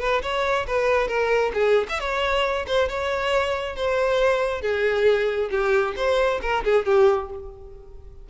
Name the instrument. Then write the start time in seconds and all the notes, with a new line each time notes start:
violin
0.00 B4
0.22 C#5
0.67 B4
1.08 A#4
1.54 G#4
1.89 E5
2.00 C#5
2.67 C5
2.89 C#5
3.76 C5
4.61 G#4
5.50 G4
5.96 C5
6.42 A#4
6.64 G#4
6.86 G4